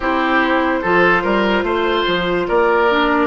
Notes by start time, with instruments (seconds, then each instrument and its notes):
0.00 bassoon C4, clarinet E4, oboe G4, flute C5
0.81 bassoon F3, clarinet F4, oboe A4
1.23 bassoon G3, oboe A#4
1.63 bassoon A3, oboe C5
2.06 bassoon F3
2.47 bassoon A#3, oboe A#4, flute D5
2.89 clarinet D4